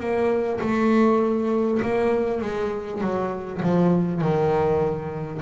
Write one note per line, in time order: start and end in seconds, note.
0.00 0.60 A#3
0.61 1.81 A3
1.83 2.42 A#3
2.42 3.01 G#3
3.01 3.61 F#3
3.63 4.22 F3
4.22 5.42 D#3